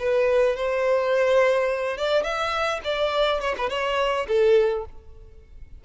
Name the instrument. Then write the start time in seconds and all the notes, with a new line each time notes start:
violin
0.00 B4
0.57 C5
1.98 D5
2.24 E5
2.84 D5
3.41 C#5
3.58 B4
3.70 C#5
4.28 A4